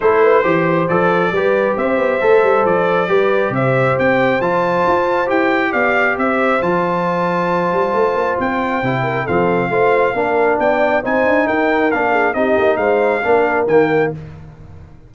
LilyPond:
<<
  \new Staff \with { instrumentName = "trumpet" } { \time 4/4 \tempo 4 = 136 c''2 d''2 | e''2 d''2 | e''4 g''4 a''2 | g''4 f''4 e''4 a''4~ |
a''2. g''4~ | g''4 f''2. | g''4 gis''4 g''4 f''4 | dis''4 f''2 g''4 | }
  \new Staff \with { instrumentName = "horn" } { \time 4/4 a'8 b'8 c''2 b'4 | c''2. b'4 | c''1~ | c''4 d''4 c''2~ |
c''1~ | c''8 ais'8 a'4 c''4 ais'4 | d''4 c''4 ais'4. gis'8 | g'4 c''4 ais'2 | }
  \new Staff \with { instrumentName = "trombone" } { \time 4/4 e'4 g'4 a'4 g'4~ | g'4 a'2 g'4~ | g'2 f'2 | g'2. f'4~ |
f'1 | e'4 c'4 f'4 d'4~ | d'4 dis'2 d'4 | dis'2 d'4 ais4 | }
  \new Staff \with { instrumentName = "tuba" } { \time 4/4 a4 e4 f4 g4 | c'8 b8 a8 g8 f4 g4 | c4 c'4 f4 f'4 | e'4 b4 c'4 f4~ |
f4. g8 a8 ais8 c'4 | c4 f4 a4 ais4 | b4 c'8 d'8 dis'4 ais4 | c'8 ais8 gis4 ais4 dis4 | }
>>